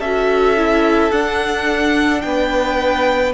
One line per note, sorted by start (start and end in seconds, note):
0.00 1.11 C#4
0.00 0.57 F#4
0.00 2.22 A4
0.00 1.12 E5
0.57 1.12 E4
1.12 2.24 D4
1.12 3.34 D4
1.12 2.22 F#5
2.22 3.34 B3
2.22 3.33 G5
2.28 3.34 B4